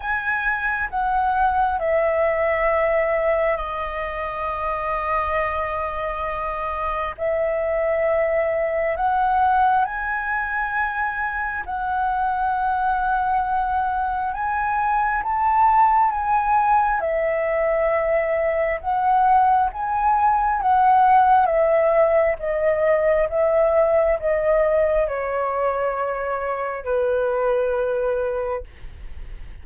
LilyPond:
\new Staff \with { instrumentName = "flute" } { \time 4/4 \tempo 4 = 67 gis''4 fis''4 e''2 | dis''1 | e''2 fis''4 gis''4~ | gis''4 fis''2. |
gis''4 a''4 gis''4 e''4~ | e''4 fis''4 gis''4 fis''4 | e''4 dis''4 e''4 dis''4 | cis''2 b'2 | }